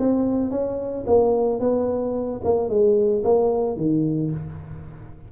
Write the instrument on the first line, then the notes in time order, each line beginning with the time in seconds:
tuba
0.00 C4
0.51 C#4
1.07 A#3
1.60 B3
2.44 A#3
2.69 G#3
3.24 A#3
3.77 D#3